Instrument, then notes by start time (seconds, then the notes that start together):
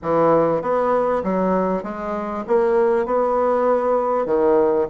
bassoon
0.02 E3
0.61 B3
1.23 F#3
1.83 G#3
2.47 A#3
3.05 B3
4.26 D#3